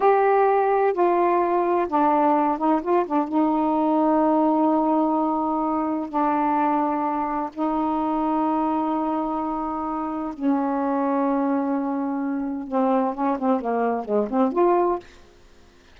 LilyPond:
\new Staff \with { instrumentName = "saxophone" } { \time 4/4 \tempo 4 = 128 g'2 f'2 | d'4. dis'8 f'8 d'8 dis'4~ | dis'1~ | dis'4 d'2. |
dis'1~ | dis'2 cis'2~ | cis'2. c'4 | cis'8 c'8 ais4 gis8 c'8 f'4 | }